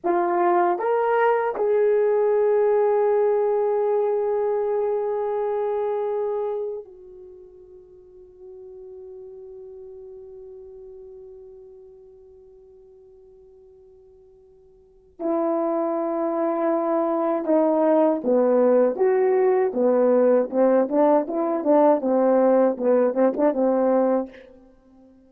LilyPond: \new Staff \with { instrumentName = "horn" } { \time 4/4 \tempo 4 = 79 f'4 ais'4 gis'2~ | gis'1~ | gis'4 fis'2.~ | fis'1~ |
fis'1 | e'2. dis'4 | b4 fis'4 b4 c'8 d'8 | e'8 d'8 c'4 b8 c'16 d'16 c'4 | }